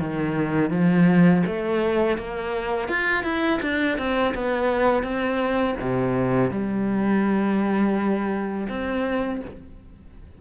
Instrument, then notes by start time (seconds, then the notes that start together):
cello
0.00 D#3
0.71 F3
1.47 A3
2.18 A#3
2.89 F4
3.24 E4
3.62 D4
3.98 C4
4.35 B3
5.03 C4
5.81 C3
6.51 G3
8.69 C4